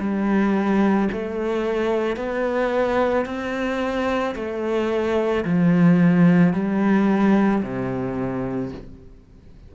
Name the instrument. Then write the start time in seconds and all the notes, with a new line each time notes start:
cello
0.00 G3
1.13 A3
2.17 B3
3.26 C4
4.36 A3
5.45 F3
6.54 G3
7.63 C3